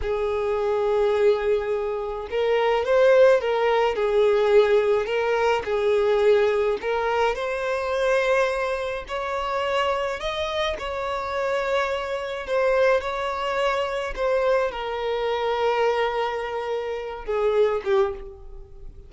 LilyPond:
\new Staff \with { instrumentName = "violin" } { \time 4/4 \tempo 4 = 106 gis'1 | ais'4 c''4 ais'4 gis'4~ | gis'4 ais'4 gis'2 | ais'4 c''2. |
cis''2 dis''4 cis''4~ | cis''2 c''4 cis''4~ | cis''4 c''4 ais'2~ | ais'2~ ais'8 gis'4 g'8 | }